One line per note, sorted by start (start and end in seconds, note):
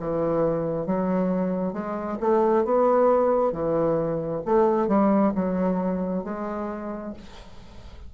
0.00 0.87 E3
0.87 1.74 F#3
1.74 2.19 G#3
2.21 2.65 A3
2.65 3.53 B3
3.53 4.42 E3
4.46 4.88 A3
4.88 5.33 G3
5.36 6.24 F#3
6.24 7.14 G#3